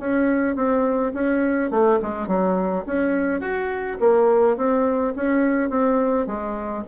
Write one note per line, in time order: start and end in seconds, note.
0.00 0.56 C#4
0.56 1.13 C4
1.14 1.71 C#4
1.71 2.00 A3
2.03 2.28 G#3
2.28 2.85 F#3
2.86 3.41 C#4
3.41 3.98 F#4
4.00 4.57 A#3
4.57 5.14 C4
5.16 5.70 C#4
5.70 6.27 C4
6.27 6.84 G#3